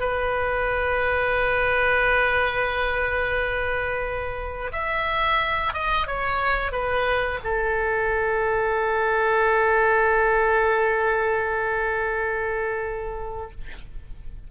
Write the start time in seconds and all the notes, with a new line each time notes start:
0.00 B4
4.73 E5
5.74 D#5
6.07 C#5
6.72 B4
7.44 A4